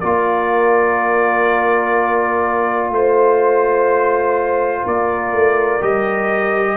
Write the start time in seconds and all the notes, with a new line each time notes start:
0.00 A#3 F4 A#4 D5
2.90 A3 C5
4.83 A#3 A#4 D5
5.33 A3
5.81 G3 G4 D#5